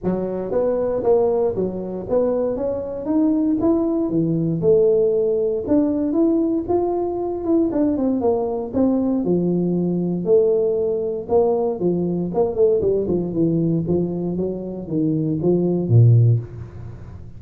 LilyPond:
\new Staff \with { instrumentName = "tuba" } { \time 4/4 \tempo 4 = 117 fis4 b4 ais4 fis4 | b4 cis'4 dis'4 e'4 | e4 a2 d'4 | e'4 f'4. e'8 d'8 c'8 |
ais4 c'4 f2 | a2 ais4 f4 | ais8 a8 g8 f8 e4 f4 | fis4 dis4 f4 ais,4 | }